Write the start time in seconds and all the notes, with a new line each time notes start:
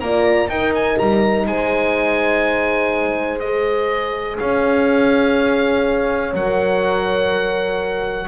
0.00 A#3 F4 D5 A#5
0.48 D#4 A#4 G5
0.74 G#5
0.98 G3 A#5
1.45 G#3 C5 G#5
3.39 G#4 D#5
4.38 C#4 C#5 F5
6.33 F#3 A#4 F#5